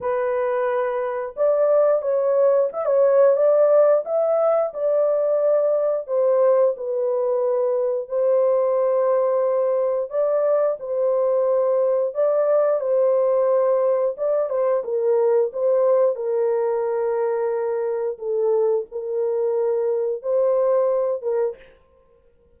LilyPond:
\new Staff \with { instrumentName = "horn" } { \time 4/4 \tempo 4 = 89 b'2 d''4 cis''4 | e''16 cis''8. d''4 e''4 d''4~ | d''4 c''4 b'2 | c''2. d''4 |
c''2 d''4 c''4~ | c''4 d''8 c''8 ais'4 c''4 | ais'2. a'4 | ais'2 c''4. ais'8 | }